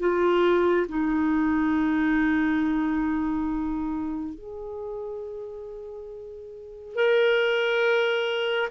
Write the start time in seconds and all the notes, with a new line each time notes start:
0.00 F4
0.89 D#4
4.35 G#4
6.96 A#4